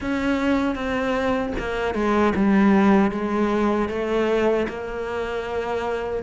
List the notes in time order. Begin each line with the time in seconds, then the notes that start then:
0.00 C#4
0.75 C4
1.58 A#3
1.94 G#3
2.35 G3
3.11 G#3
3.89 A3
4.68 A#3